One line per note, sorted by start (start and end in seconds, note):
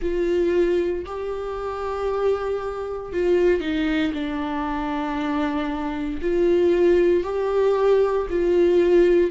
0.01 1.05 F4
1.05 3.12 G4
3.13 3.60 F4
3.60 4.12 D#4
4.13 6.20 D4
6.21 7.23 F4
7.23 8.27 G4
8.29 9.30 F4